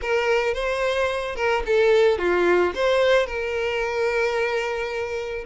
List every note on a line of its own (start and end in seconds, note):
0.01 0.54 A#4
0.54 1.35 C5
1.35 1.62 A#4
1.65 2.18 A4
2.18 2.72 F4
2.74 3.26 C5
3.26 5.44 A#4